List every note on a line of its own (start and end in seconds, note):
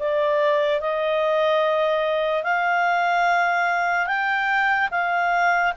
0.00 0.81 D5
0.81 2.44 D#5
2.44 4.07 F5
4.07 4.89 G5
4.91 5.73 F5